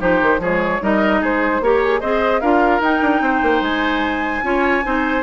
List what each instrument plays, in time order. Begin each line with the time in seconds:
0.00 bassoon F3, clarinet D#4, oboe G4, flute C5
0.23 bassoon D#3
0.39 bassoon F3, clarinet G#3, oboe G#4, flute C#5
0.82 bassoon G3, clarinet D#4, oboe A#4, flute D#5
1.21 bassoon G#3, oboe G#4, flute C5
1.61 bassoon A#3, clarinet G4, flute A#4, oboe C#5
1.84 flute G#4
2.01 bassoon C4, clarinet G#4, oboe C5, flute D#5
2.41 bassoon D4, clarinet F4, oboe A#4, flute F5
2.81 bassoon D#4, clarinet D#4, flute G5
3.02 bassoon D4
3.21 bassoon C4, oboe C5
3.43 bassoon A#3
3.62 bassoon G#3, flute G#5
4.43 bassoon C#4, clarinet F4, oboe C#5
4.85 bassoon C4, clarinet D#4, oboe C5